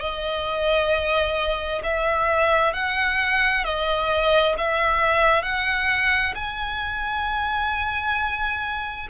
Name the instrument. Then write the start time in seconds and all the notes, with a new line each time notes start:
violin
0.00 D#5
1.83 E5
2.74 F#5
3.64 D#5
4.58 E5
5.43 F#5
6.35 G#5